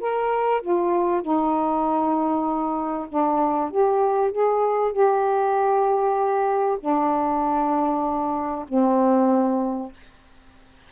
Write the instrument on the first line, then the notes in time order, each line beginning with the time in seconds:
saxophone
0.00 A#4
0.61 F4
1.21 D#4
3.08 D4
3.71 G4
4.31 G#4
4.92 G4
6.80 D4
8.68 C4